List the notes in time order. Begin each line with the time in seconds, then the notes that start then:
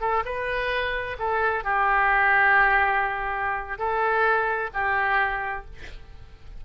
0.00 A4
0.25 B4
1.19 A4
1.64 G4
3.78 A4
4.73 G4